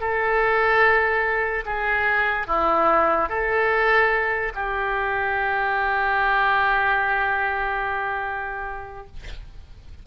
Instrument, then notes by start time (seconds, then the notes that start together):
oboe
0.00 A4
1.66 G#4
2.47 E4
3.29 A4
4.55 G4